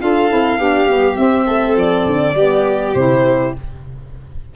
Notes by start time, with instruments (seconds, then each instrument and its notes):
0.00 tuba D4, saxophone F4, violin A4 F5
0.29 tuba C4, saxophone E4
0.59 tuba B3, saxophone D4, violin G4
0.85 tuba G3, saxophone B3
1.16 saxophone C4, tuba C4, violin E5
1.45 tuba A3, violin A4
1.75 tuba F3, violin D5
2.05 tuba D3
2.34 tuba G3, saxophone B3, violin G4
2.94 tuba C3, saxophone E4, violin C5